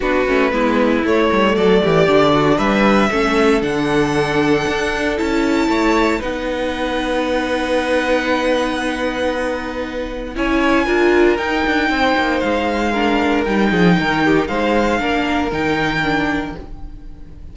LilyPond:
<<
  \new Staff \with { instrumentName = "violin" } { \time 4/4 \tempo 4 = 116 b'2 cis''4 d''4~ | d''4 e''2 fis''4~ | fis''2 a''2 | fis''1~ |
fis''1 | gis''2 g''2 | f''2 g''2 | f''2 g''2 | }
  \new Staff \with { instrumentName = "violin" } { \time 4/4 fis'4 e'2 a'8 g'8~ | g'8 fis'8 b'4 a'2~ | a'2. cis''4 | b'1~ |
b'1 | cis''4 ais'2 c''4~ | c''4 ais'4. gis'8 ais'8 g'8 | c''4 ais'2. | }
  \new Staff \with { instrumentName = "viola" } { \time 4/4 d'8 cis'8 b4 a2 | d'2 cis'4 d'4~ | d'2 e'2 | dis'1~ |
dis'1 | e'4 f'4 dis'2~ | dis'4 d'4 dis'2~ | dis'4 d'4 dis'4 d'4 | }
  \new Staff \with { instrumentName = "cello" } { \time 4/4 b8 a8 gis4 a8 g8 fis8 e8 | d4 g4 a4 d4~ | d4 d'4 cis'4 a4 | b1~ |
b1 | cis'4 d'4 dis'8 d'8 c'8 ais8 | gis2 g8 f8 dis4 | gis4 ais4 dis2 | }
>>